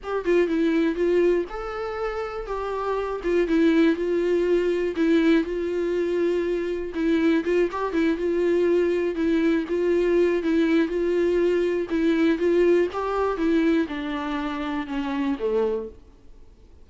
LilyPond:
\new Staff \with { instrumentName = "viola" } { \time 4/4 \tempo 4 = 121 g'8 f'8 e'4 f'4 a'4~ | a'4 g'4. f'8 e'4 | f'2 e'4 f'4~ | f'2 e'4 f'8 g'8 |
e'8 f'2 e'4 f'8~ | f'4 e'4 f'2 | e'4 f'4 g'4 e'4 | d'2 cis'4 a4 | }